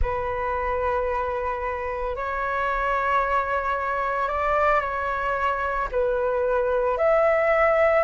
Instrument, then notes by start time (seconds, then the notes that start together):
flute
0.01 B4
2.15 C#5
4.28 D5
4.81 C#5
5.91 B4
6.97 E5